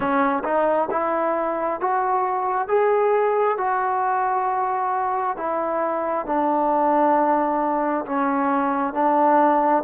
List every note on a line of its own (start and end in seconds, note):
0.00 0.43 C#4
0.44 0.88 D#4
0.90 1.80 E4
1.80 2.68 F#4
2.68 3.57 G#4
3.57 5.36 F#4
5.36 6.26 E4
6.26 8.05 D4
8.05 8.93 C#4
8.93 9.83 D4